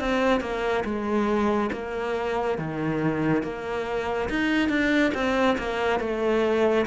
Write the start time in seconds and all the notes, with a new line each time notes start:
0.00 C4
0.41 A#3
0.85 G#3
1.73 A#3
2.58 D#3
3.43 A#3
4.29 D#4
4.69 D4
5.14 C4
5.58 A#3
6.00 A3